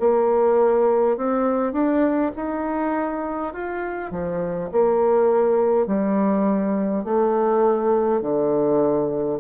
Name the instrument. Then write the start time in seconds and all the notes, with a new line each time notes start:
bassoon
0.00 A#3
1.18 C4
1.73 D4
2.36 D#4
3.54 F4
4.11 F3
4.73 A#3
5.87 G3
7.05 A3
8.22 D3